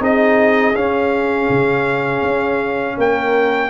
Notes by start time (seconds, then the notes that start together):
0.00 C4 D#4 G#4 D#5
0.75 C#4 F5
1.50 C#3
2.22 C#4
2.98 A#3 A#4 G5